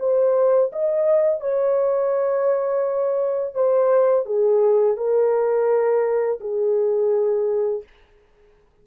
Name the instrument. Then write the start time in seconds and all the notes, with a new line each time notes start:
horn
0.00 C5
0.73 D#5
1.41 C#5
3.55 C5
4.26 G#4
4.97 A#4
6.41 G#4